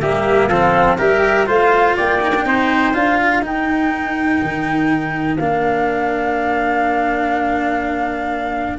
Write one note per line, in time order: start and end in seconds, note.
0.00 0.48 G3
0.00 0.51 A#3
0.00 0.49 G4
0.00 0.48 E5
0.48 0.96 F3
0.48 0.98 C4
0.48 0.98 A4
0.48 0.96 F5
0.98 1.48 G3
0.98 1.47 G4
0.98 1.47 A#4
0.98 1.48 E5
1.47 1.97 A3
1.47 2.20 F4
1.47 1.96 C5
1.47 1.97 F5
1.97 2.45 A#3
1.97 2.45 D5
1.97 2.95 G5
2.21 2.33 D#4
2.35 2.45 D4
2.45 2.93 C4
2.45 2.94 D#4
2.45 3.20 C5
2.94 3.42 D4
2.94 3.42 F4
2.94 3.44 F5
3.20 8.78 A#4
3.42 4.39 D#4
3.42 5.37 D#4
3.42 5.37 G5
4.42 5.38 D#3
5.37 8.78 A#3
5.37 8.78 D4
5.37 8.78 F5